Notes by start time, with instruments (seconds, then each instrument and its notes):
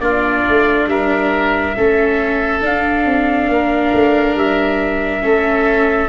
0.00 tuba A#3, viola D4, oboe F4, trumpet D5
0.49 tuba A3
0.87 tuba G3, oboe A#4, trumpet E5
1.76 tuba A3, viola C#4, oboe A4
2.61 viola D4, tuba D4, trumpet F5
3.06 tuba C4
3.48 tuba A#3, oboe A#4
3.94 tuba A3
4.35 tuba G3, trumpet E5
5.21 tuba A3, viola C#4, oboe A4